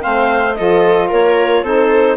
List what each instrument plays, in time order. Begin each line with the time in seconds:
0.00 bassoon A3, saxophone C4, viola C5, clarinet F5
0.54 bassoon F3, saxophone F4, viola A4, clarinet D#5
1.08 bassoon A#3, viola A#4, clarinet C#5
1.63 bassoon C4, saxophone D#4, viola A4, clarinet C5